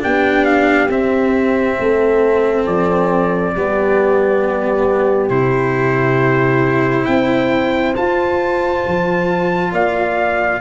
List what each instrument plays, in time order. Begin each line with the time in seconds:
0.00 tuba B3, cello D4, horn G4, trumpet G5
0.45 trumpet F5
0.90 tuba C4, cello C4, trumpet E5
1.80 tuba A3, horn A4
2.66 tuba F3, trumpet D5
3.56 tuba G3, cello B3, horn G4
5.30 tuba C3, cello E4, trumpet C5
7.06 tuba C4, horn C5, trumpet G5
7.97 cello F4, tuba F4, trumpet A5
8.87 tuba F3
9.72 tuba A#3, horn D5, trumpet F5